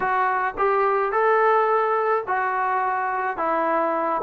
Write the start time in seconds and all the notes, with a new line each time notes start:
0.00 F#4
0.57 G4
1.12 A4
2.27 F#4
3.37 E4